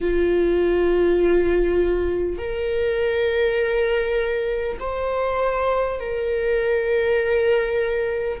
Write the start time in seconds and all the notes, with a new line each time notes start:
0.01 F4
2.37 A#4
4.79 C5
5.99 A#4